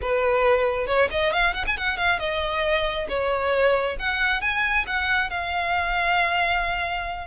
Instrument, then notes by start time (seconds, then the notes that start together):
violin
0.01 B4
0.86 C#5
1.10 D#5
1.32 F5
1.53 F#5
1.66 G#5
1.77 F#5
1.97 F5
2.19 D#5
3.08 C#5
3.99 F#5
4.41 G#5
4.86 F#5
5.29 F5